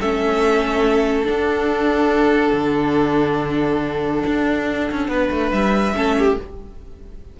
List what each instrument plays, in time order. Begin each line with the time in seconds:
0.00 cello A3, viola C#4, violin A4 E5
1.25 viola D4, cello D4, violin F#5
2.53 cello D3
4.27 cello D4
4.91 cello C#4
5.08 cello B3, violin B4
5.30 cello A3
5.52 cello G3, violin E5
5.94 cello A3, viola C#4, violin A4
6.19 violin G4